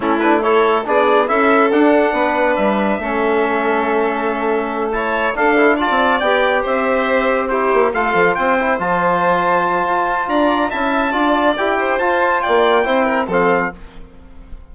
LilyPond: <<
  \new Staff \with { instrumentName = "trumpet" } { \time 4/4 \tempo 4 = 140 a'8 b'8 cis''4 d''4 e''4 | fis''2 e''2~ | e''2.~ e''8 a''8~ | a''8 f''4 a''4 g''4 e''8~ |
e''4. c''4 f''4 g''8~ | g''8 a''2.~ a''8 | ais''4 a''2 g''4 | a''4 g''2 f''4 | }
  \new Staff \with { instrumentName = "violin" } { \time 4/4 e'4 a'4 gis'4 a'4~ | a'4 b'2 a'4~ | a'2.~ a'8 cis''8~ | cis''8 a'4 d''2 c''8~ |
c''4. g'4 a'4 c''8~ | c''1 | d''4 e''4 d''4. c''8~ | c''4 d''4 c''8 ais'8 a'4 | }
  \new Staff \with { instrumentName = "trombone" } { \time 4/4 cis'8 d'8 e'4 d'4 e'4 | d'2. cis'4~ | cis'2.~ cis'8 e'8~ | e'8 d'8 e'8 f'4 g'4.~ |
g'4. e'4 f'4. | e'8 f'2.~ f'8~ | f'4 e'4 f'4 g'4 | f'2 e'4 c'4 | }
  \new Staff \with { instrumentName = "bassoon" } { \time 4/4 a2 b4 cis'4 | d'4 b4 g4 a4~ | a1~ | a8 d'4~ d'16 c'8. b4 c'8~ |
c'2 ais8 a8 f8 c'8~ | c'8 f2~ f8 f'4 | d'4 cis'4 d'4 e'4 | f'4 ais4 c'4 f4 | }
>>